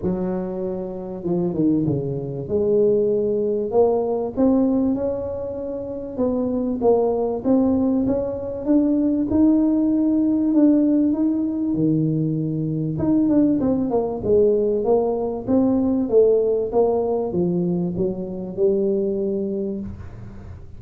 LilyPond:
\new Staff \with { instrumentName = "tuba" } { \time 4/4 \tempo 4 = 97 fis2 f8 dis8 cis4 | gis2 ais4 c'4 | cis'2 b4 ais4 | c'4 cis'4 d'4 dis'4~ |
dis'4 d'4 dis'4 dis4~ | dis4 dis'8 d'8 c'8 ais8 gis4 | ais4 c'4 a4 ais4 | f4 fis4 g2 | }